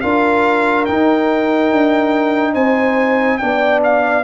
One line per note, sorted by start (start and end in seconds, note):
0.00 0.88 D4
0.00 0.86 F4
0.00 2.53 A#4
0.00 0.85 F5
0.85 3.40 D#4
0.85 1.72 D#4
0.85 2.54 G5
1.72 2.55 D4
2.53 3.39 C4
2.53 3.37 C5
2.53 3.37 G#5
3.37 4.23 B3
3.37 4.23 D4
3.37 3.79 G5
3.45 4.23 D5
3.83 4.23 F5